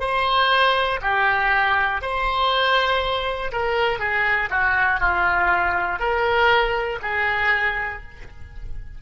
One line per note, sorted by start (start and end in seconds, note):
0.00 1.00 C5
1.01 2.01 G4
2.01 3.51 C5
3.52 3.99 A#4
3.99 4.49 G#4
4.50 5.00 F#4
5.00 5.99 F4
5.99 6.99 A#4
7.02 8.02 G#4